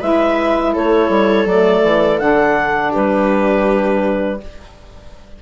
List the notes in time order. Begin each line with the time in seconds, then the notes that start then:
0.00 G#3 E4 B4 E5
0.73 A3 A4 C#5
1.09 G3
1.46 F#3 A3 D5
1.83 E3
2.19 D3 D4 F#5
2.91 G3 G4 B4